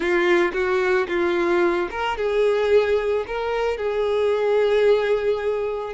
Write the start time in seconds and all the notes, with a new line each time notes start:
0.00 F4
0.53 F#4
1.07 F4
1.90 A#4
2.17 G#4
3.27 A#4
3.77 G#4